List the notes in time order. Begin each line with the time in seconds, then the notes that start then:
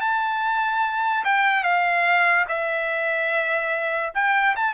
0.00 A5
1.24 G5
1.63 F5
2.48 E5
4.14 G5
4.55 A5